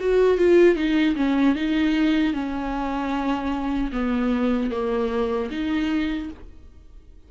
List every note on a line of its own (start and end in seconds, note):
0.00 0.38 F#4
0.38 0.76 F4
0.76 1.16 D#4
1.16 1.55 C#4
1.55 2.33 D#4
2.33 3.91 C#4
3.93 4.71 B3
4.71 5.50 A#3
5.50 6.29 D#4